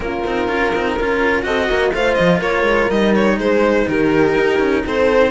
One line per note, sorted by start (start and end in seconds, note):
0.00 0.23 A#3
0.00 0.23 C#4
0.00 0.95 F4
0.00 1.43 A#4
0.26 0.48 C4
0.26 0.48 D#4
0.48 0.72 C#4
0.48 0.72 F4
0.74 0.99 C4
0.74 0.99 D#4
0.95 1.45 C#4
0.95 1.42 F4
0.95 1.43 A#4
1.42 1.69 C4
1.42 1.91 F#4
1.42 1.69 A4
1.42 1.91 D#5
1.69 1.93 A#3
1.69 1.93 A#4
1.93 2.17 A3
1.93 2.90 F4
1.93 2.39 C5
1.93 2.14 F5
2.14 2.40 F3
2.14 2.38 D#5
2.39 2.62 A#3
2.39 3.36 A#4
2.39 2.90 C#5
2.62 2.86 G#3
2.90 3.38 G3
2.90 5.30 D#4
2.90 3.14 D#5
3.14 3.39 C#5
3.37 3.86 G#3
3.37 3.86 G#4
3.37 3.87 C5
3.87 4.36 D#3
3.87 4.84 G4
3.87 4.84 A#4
4.36 4.59 D#4
4.59 4.83 C#4
4.85 5.30 C4
4.85 5.30 A4
4.85 5.30 C5